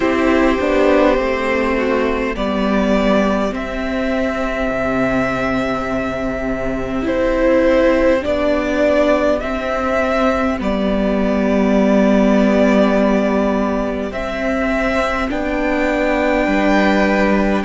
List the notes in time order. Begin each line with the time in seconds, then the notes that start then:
0.00 C4 E4 G4 C5
0.60 B3 D4
1.16 A3 C4
1.77 F#4
2.34 G3 B3 G4 D5
3.52 C4 E5
4.71 C3
7.02 C4 E4 C5
8.20 B3 D4 D5
9.39 C4 E5
10.58 G3 B3 D5
14.10 C4 E5
15.29 B3 D4 G5
16.45 G3 B4